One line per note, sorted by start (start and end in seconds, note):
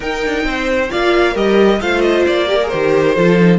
0.00 0.89 D#4
0.00 0.23 D#4
0.00 0.45 A#4
0.00 0.91 G5
0.25 0.44 D4
0.44 0.89 C4
0.44 0.90 C5
0.90 1.35 A#3
0.90 1.34 F4
0.90 1.32 D5
0.90 1.36 F5
1.32 1.80 G3
1.32 1.79 G4
1.32 1.77 A#4
1.32 1.80 D#5
1.80 2.26 A3
1.80 2.47 F4
1.80 2.46 C5
1.80 2.01 F5
2.01 2.23 D#5
2.27 2.72 A#3
2.27 2.68 D5
2.46 2.58 G4
2.46 3.14 A#4
2.62 2.71 G#4
2.62 3.58 C5
2.71 3.16 D#3
2.71 3.16 G4
3.14 3.58 F3
3.14 3.38 F4
3.14 3.58 A4
3.39 3.58 D#4